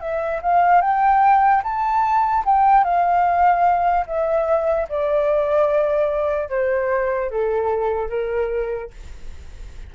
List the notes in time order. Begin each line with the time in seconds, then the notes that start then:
0.00 E5
0.41 F5
0.81 G5
1.63 A5
2.45 G5
2.84 F5
4.06 E5
4.88 D5
6.49 C5
7.30 A4
8.09 A#4